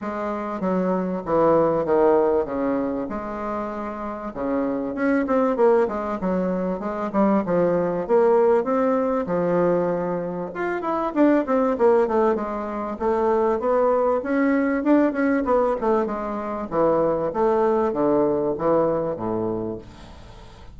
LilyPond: \new Staff \with { instrumentName = "bassoon" } { \time 4/4 \tempo 4 = 97 gis4 fis4 e4 dis4 | cis4 gis2 cis4 | cis'8 c'8 ais8 gis8 fis4 gis8 g8 | f4 ais4 c'4 f4~ |
f4 f'8 e'8 d'8 c'8 ais8 a8 | gis4 a4 b4 cis'4 | d'8 cis'8 b8 a8 gis4 e4 | a4 d4 e4 a,4 | }